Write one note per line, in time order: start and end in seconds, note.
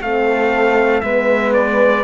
0.00 1.02 A3
0.00 1.03 C4
0.00 1.04 A4
0.00 1.01 F5
1.01 2.04 G#3
1.01 2.04 B3
1.01 2.04 B4
1.01 1.51 E5
1.53 2.04 D5